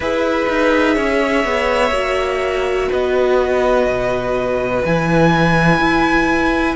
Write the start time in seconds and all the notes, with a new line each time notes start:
0.00 E4 G#4 B4 E5
0.48 D#4
0.95 C#4 C#5
1.44 B3
1.91 A#3 F#4
2.89 B3 B4 D#5
3.86 B2
4.84 E3 E4 G#5
5.79 E4